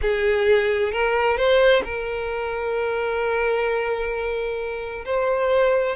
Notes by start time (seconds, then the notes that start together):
0.01 G#4
0.92 A#4
1.37 C5
1.84 A#4
5.05 C5